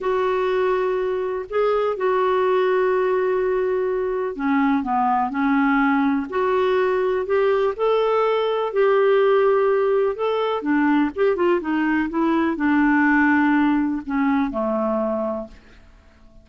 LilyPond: \new Staff \with { instrumentName = "clarinet" } { \time 4/4 \tempo 4 = 124 fis'2. gis'4 | fis'1~ | fis'4 cis'4 b4 cis'4~ | cis'4 fis'2 g'4 |
a'2 g'2~ | g'4 a'4 d'4 g'8 f'8 | dis'4 e'4 d'2~ | d'4 cis'4 a2 | }